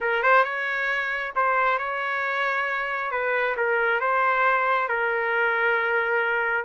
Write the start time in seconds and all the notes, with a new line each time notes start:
0.00 A#4
0.22 C5
0.44 C#5
1.35 C5
1.78 C#5
3.11 B4
3.56 A#4
4.00 C5
4.88 A#4